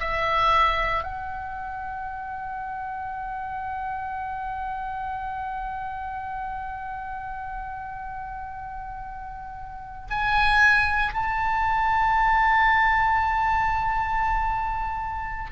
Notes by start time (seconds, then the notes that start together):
0.00 E5
1.04 F#5
10.11 G#5
11.14 A5